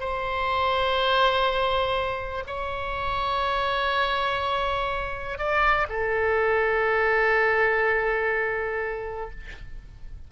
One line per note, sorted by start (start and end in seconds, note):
0.00 2.44 C5
2.47 5.38 C#5
5.38 5.87 D5
5.89 9.31 A4